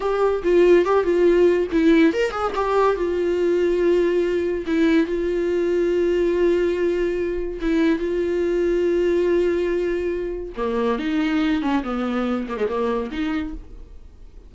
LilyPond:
\new Staff \with { instrumentName = "viola" } { \time 4/4 \tempo 4 = 142 g'4 f'4 g'8 f'4. | e'4 ais'8 gis'8 g'4 f'4~ | f'2. e'4 | f'1~ |
f'2 e'4 f'4~ | f'1~ | f'4 ais4 dis'4. cis'8 | b4. ais16 gis16 ais4 dis'4 | }